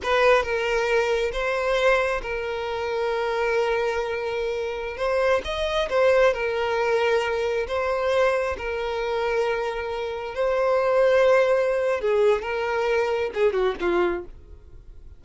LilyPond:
\new Staff \with { instrumentName = "violin" } { \time 4/4 \tempo 4 = 135 b'4 ais'2 c''4~ | c''4 ais'2.~ | ais'2.~ ais'16 c''8.~ | c''16 dis''4 c''4 ais'4.~ ais'16~ |
ais'4~ ais'16 c''2 ais'8.~ | ais'2.~ ais'16 c''8.~ | c''2. gis'4 | ais'2 gis'8 fis'8 f'4 | }